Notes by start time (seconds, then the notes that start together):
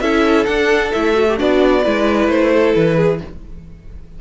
0.00 C#4 E4 A4 E5
0.45 D4 F#5
0.92 A3 E4 E5
1.14 F#4
1.28 G4
1.35 B3 D4 F#4 D5
1.83 G#3 E4 B4
2.28 A3 C5
2.52 A4
2.74 E3 B4
2.96 G#4